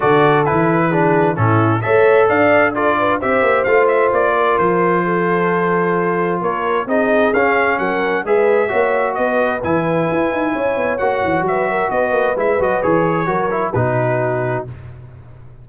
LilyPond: <<
  \new Staff \with { instrumentName = "trumpet" } { \time 4/4 \tempo 4 = 131 d''4 b'2 a'4 | e''4 f''4 d''4 e''4 | f''8 e''8 d''4 c''2~ | c''2 cis''4 dis''4 |
f''4 fis''4 e''2 | dis''4 gis''2. | fis''4 e''4 dis''4 e''8 dis''8 | cis''2 b'2 | }
  \new Staff \with { instrumentName = "horn" } { \time 4/4 a'2 gis'4 e'4 | cis''4 d''4 a'8 b'8 c''4~ | c''4. ais'4. a'4~ | a'2 ais'4 gis'4~ |
gis'4 ais'4 b'4 cis''4 | b'2. cis''4~ | cis''4 b'8 ais'8 b'2~ | b'4 ais'4 fis'2 | }
  \new Staff \with { instrumentName = "trombone" } { \time 4/4 fis'4 e'4 d'4 cis'4 | a'2 f'4 g'4 | f'1~ | f'2. dis'4 |
cis'2 gis'4 fis'4~ | fis'4 e'2. | fis'2. e'8 fis'8 | gis'4 fis'8 e'8 dis'2 | }
  \new Staff \with { instrumentName = "tuba" } { \time 4/4 d4 e2 a,4 | a4 d'2 c'8 ais8 | a4 ais4 f2~ | f2 ais4 c'4 |
cis'4 fis4 gis4 ais4 | b4 e4 e'8 dis'8 cis'8 b8 | ais8 e8 fis4 b8 ais8 gis8 fis8 | e4 fis4 b,2 | }
>>